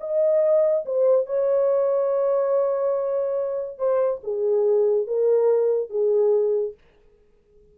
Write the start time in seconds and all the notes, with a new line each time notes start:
0.00 D#5
0.85 C5
1.26 C#5
3.78 C5
4.23 G#4
5.06 A#4
5.89 G#4